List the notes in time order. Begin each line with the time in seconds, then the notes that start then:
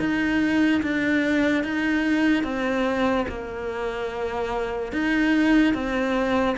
0.00 D#4
0.83 D4
1.64 D#4
2.44 C4
3.29 A#3
4.93 D#4
5.74 C4